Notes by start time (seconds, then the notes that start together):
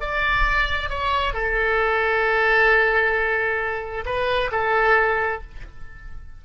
0.00 D5
0.89 C#5
1.33 A4
4.05 B4
4.51 A4